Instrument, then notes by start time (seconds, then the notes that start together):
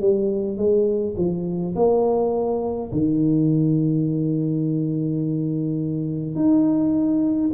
tuba
0.00 G3
0.57 G#3
1.17 F3
1.75 A#3
2.92 D#3
6.35 D#4